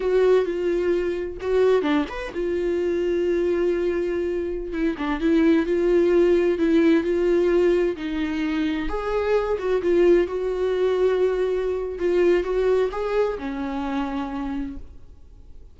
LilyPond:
\new Staff \with { instrumentName = "viola" } { \time 4/4 \tempo 4 = 130 fis'4 f'2 fis'4 | d'8 b'8 f'2.~ | f'2~ f'16 e'8 d'8 e'8.~ | e'16 f'2 e'4 f'8.~ |
f'4~ f'16 dis'2 gis'8.~ | gis'8. fis'8 f'4 fis'4.~ fis'16~ | fis'2 f'4 fis'4 | gis'4 cis'2. | }